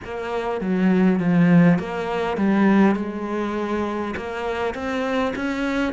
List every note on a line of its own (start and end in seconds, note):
0.04 0.60 A#3
0.60 1.19 F#3
1.19 1.78 F3
1.78 2.37 A#3
2.37 2.95 G3
2.95 4.14 G#3
4.16 4.74 A#3
4.74 5.33 C4
5.35 5.93 C#4